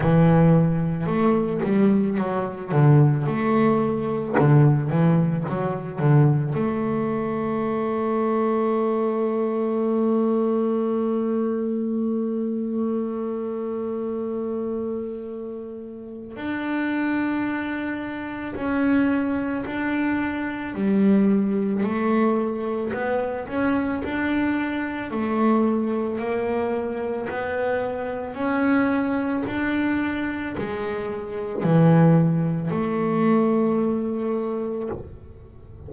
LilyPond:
\new Staff \with { instrumentName = "double bass" } { \time 4/4 \tempo 4 = 55 e4 a8 g8 fis8 d8 a4 | d8 e8 fis8 d8 a2~ | a1~ | a2. d'4~ |
d'4 cis'4 d'4 g4 | a4 b8 cis'8 d'4 a4 | ais4 b4 cis'4 d'4 | gis4 e4 a2 | }